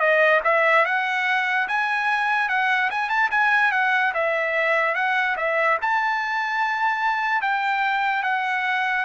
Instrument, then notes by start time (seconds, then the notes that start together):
trumpet
0.00 D#5
0.44 E5
0.86 F#5
1.68 G#5
2.49 F#5
2.91 G#5
3.10 A5
3.31 G#5
3.72 F#5
4.14 E5
4.95 F#5
5.37 E5
5.82 A5
7.42 G5
8.23 F#5